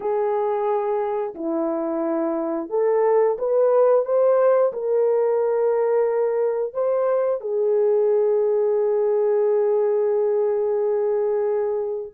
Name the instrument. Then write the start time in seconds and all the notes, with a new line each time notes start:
horn
0.00 G#4
1.35 E4
2.69 A4
3.38 B4
4.05 C5
4.73 A#4
6.73 C5
7.40 G#4